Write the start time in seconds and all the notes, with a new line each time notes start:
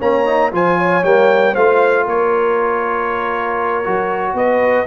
0.00 A#3 C#4 C#5 A#5
0.26 D#4
0.52 F3 F4 C5 G#5
0.78 C#5
1.04 G3 A#3 G5
1.53 A3 F4 C5 F5
2.05 A#3 A#4 C#5
3.84 F#3 F#4
4.34 B3 B4 D#5